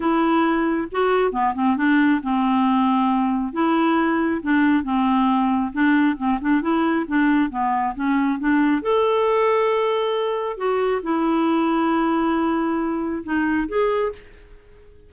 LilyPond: \new Staff \with { instrumentName = "clarinet" } { \time 4/4 \tempo 4 = 136 e'2 fis'4 b8 c'8 | d'4 c'2. | e'2 d'4 c'4~ | c'4 d'4 c'8 d'8 e'4 |
d'4 b4 cis'4 d'4 | a'1 | fis'4 e'2.~ | e'2 dis'4 gis'4 | }